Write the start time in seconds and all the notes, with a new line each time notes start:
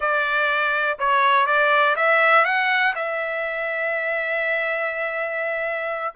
0.00 D5
0.98 C#5
1.46 D5
1.95 E5
2.45 F#5
2.95 E5